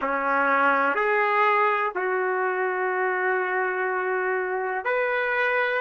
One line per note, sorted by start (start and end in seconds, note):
0.01 0.95 C#4
0.95 1.92 G#4
1.95 4.84 F#4
4.84 5.81 B4